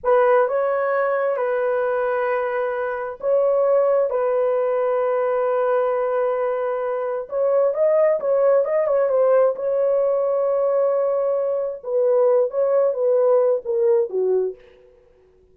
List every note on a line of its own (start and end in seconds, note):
0.03 0.48 B4
0.48 1.37 C#5
1.37 3.18 B4
3.20 4.10 C#5
4.10 7.28 B4
7.29 7.74 C#5
7.74 8.19 D#5
8.20 8.64 C#5
8.64 8.87 D#5
8.87 9.09 C#5
9.09 9.55 C5
9.55 11.82 C#5
11.83 12.50 B4
12.50 12.93 C#5
12.93 13.61 B4
13.64 14.09 A#4
14.09 14.55 F#4